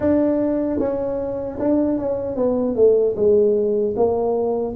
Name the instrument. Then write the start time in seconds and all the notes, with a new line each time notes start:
tuba
0.00 D4
0.79 C#4
1.59 D4
1.98 C#4
2.36 B3
2.75 A3
3.16 G#3
3.96 A#3